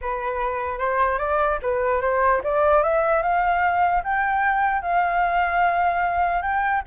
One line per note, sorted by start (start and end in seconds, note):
0.01 0.78 B4
0.78 1.18 C5
1.18 1.58 D5
1.61 2.01 B4
2.01 2.41 C5
2.43 2.83 D5
2.83 3.22 E5
3.22 4.02 F5
4.03 4.82 G5
4.82 6.42 F5
6.42 6.82 G5